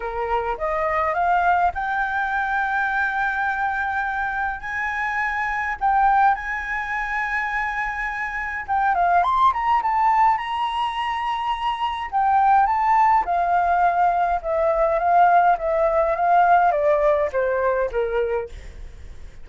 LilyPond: \new Staff \with { instrumentName = "flute" } { \time 4/4 \tempo 4 = 104 ais'4 dis''4 f''4 g''4~ | g''1 | gis''2 g''4 gis''4~ | gis''2. g''8 f''8 |
c'''8 ais''8 a''4 ais''2~ | ais''4 g''4 a''4 f''4~ | f''4 e''4 f''4 e''4 | f''4 d''4 c''4 ais'4 | }